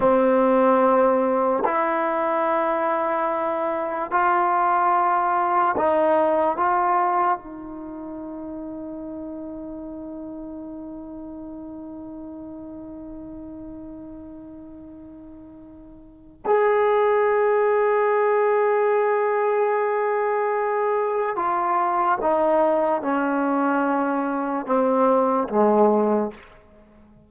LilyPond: \new Staff \with { instrumentName = "trombone" } { \time 4/4 \tempo 4 = 73 c'2 e'2~ | e'4 f'2 dis'4 | f'4 dis'2.~ | dis'1~ |
dis'1 | gis'1~ | gis'2 f'4 dis'4 | cis'2 c'4 gis4 | }